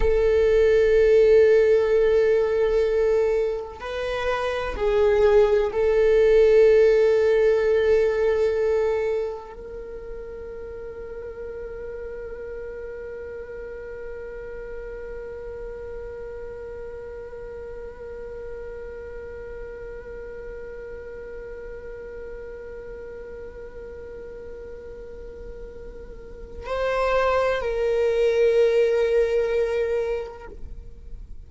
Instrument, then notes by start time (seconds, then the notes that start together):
viola
0.00 A4
3.80 B4
4.76 G#4
5.72 A4
9.53 A#4
26.66 C5
27.61 A#4